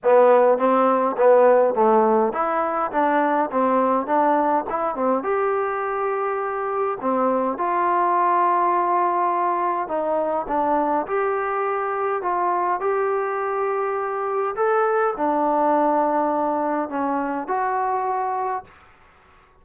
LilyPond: \new Staff \with { instrumentName = "trombone" } { \time 4/4 \tempo 4 = 103 b4 c'4 b4 a4 | e'4 d'4 c'4 d'4 | e'8 c'8 g'2. | c'4 f'2.~ |
f'4 dis'4 d'4 g'4~ | g'4 f'4 g'2~ | g'4 a'4 d'2~ | d'4 cis'4 fis'2 | }